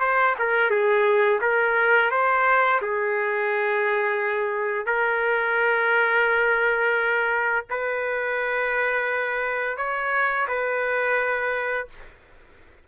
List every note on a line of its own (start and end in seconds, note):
0.00 0.35 C5
0.39 0.70 A#4
0.70 1.40 G#4
1.41 2.11 A#4
2.11 2.80 C5
2.81 4.86 G#4
4.86 7.65 A#4
7.70 9.77 B4
9.77 10.47 C#5
10.48 11.87 B4